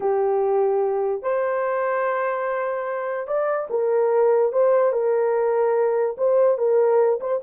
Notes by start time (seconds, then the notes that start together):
0.00 G4
1.22 C5
3.27 D5
3.70 A#4
4.52 C5
4.92 A#4
6.17 C5
6.58 A#4
7.20 C5